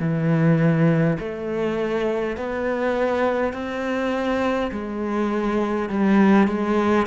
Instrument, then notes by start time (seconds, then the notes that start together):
cello
0.00 E3
1.19 A3
2.37 B3
3.53 C4
4.72 G#3
5.89 G3
6.48 G#3